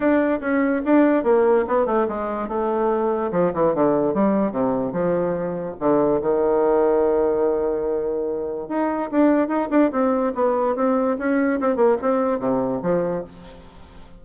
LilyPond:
\new Staff \with { instrumentName = "bassoon" } { \time 4/4 \tempo 4 = 145 d'4 cis'4 d'4 ais4 | b8 a8 gis4 a2 | f8 e8 d4 g4 c4 | f2 d4 dis4~ |
dis1~ | dis4 dis'4 d'4 dis'8 d'8 | c'4 b4 c'4 cis'4 | c'8 ais8 c'4 c4 f4 | }